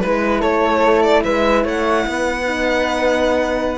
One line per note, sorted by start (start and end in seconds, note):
0.00 0.43 G#3
0.00 2.45 E4
0.00 0.41 B4
0.41 1.25 A3
0.41 1.22 A4
0.41 1.03 C#5
1.03 1.23 D5
1.23 1.65 G#3
1.23 1.64 B4
1.23 1.64 E5
1.64 2.05 A3
1.64 2.05 C#5
1.64 3.78 F#5
2.07 3.78 B3
2.07 3.78 B4
2.45 3.78 D#4